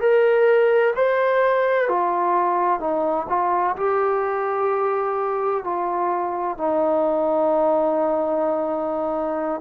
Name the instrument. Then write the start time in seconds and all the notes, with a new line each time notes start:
trombone
0.00 A#4
0.95 C5
1.88 F4
2.80 D#4
3.29 F4
3.76 G4
5.64 F4
6.57 D#4